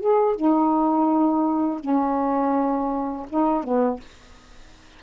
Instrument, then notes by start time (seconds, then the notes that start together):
saxophone
0.00 G#4
0.36 D#4
1.80 C#4
3.29 D#4
3.64 B3